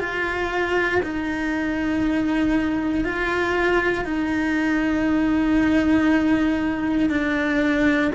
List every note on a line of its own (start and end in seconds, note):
0.00 1.02 F4
1.03 3.05 D#4
3.05 4.05 F4
4.05 7.10 D#4
7.10 8.12 D4